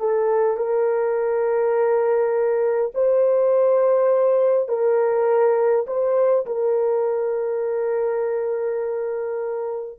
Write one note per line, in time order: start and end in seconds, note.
0.00 0.57 A4
0.57 2.93 A#4
2.95 4.68 C5
4.68 5.86 A#4
5.87 6.46 C5
6.47 9.99 A#4